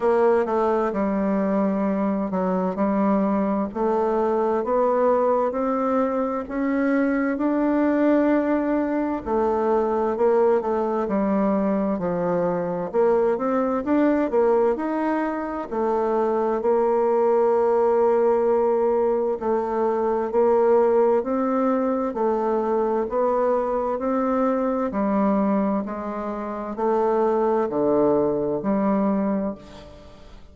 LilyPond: \new Staff \with { instrumentName = "bassoon" } { \time 4/4 \tempo 4 = 65 ais8 a8 g4. fis8 g4 | a4 b4 c'4 cis'4 | d'2 a4 ais8 a8 | g4 f4 ais8 c'8 d'8 ais8 |
dis'4 a4 ais2~ | ais4 a4 ais4 c'4 | a4 b4 c'4 g4 | gis4 a4 d4 g4 | }